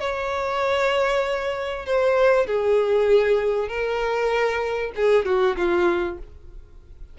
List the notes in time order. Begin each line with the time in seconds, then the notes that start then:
0.00 C#5
1.86 C5
2.46 G#4
3.68 A#4
4.96 G#4
5.25 F#4
5.56 F4